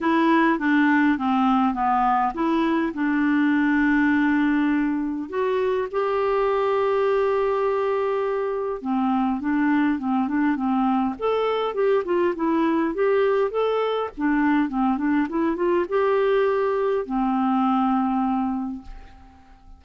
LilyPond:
\new Staff \with { instrumentName = "clarinet" } { \time 4/4 \tempo 4 = 102 e'4 d'4 c'4 b4 | e'4 d'2.~ | d'4 fis'4 g'2~ | g'2. c'4 |
d'4 c'8 d'8 c'4 a'4 | g'8 f'8 e'4 g'4 a'4 | d'4 c'8 d'8 e'8 f'8 g'4~ | g'4 c'2. | }